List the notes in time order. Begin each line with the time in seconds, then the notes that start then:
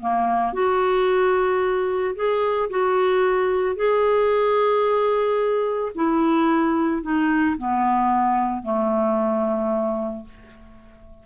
0.00 A#3
0.53 F#4
2.16 G#4
2.70 F#4
3.76 G#4
5.95 E4
7.03 D#4
7.58 B3
8.63 A3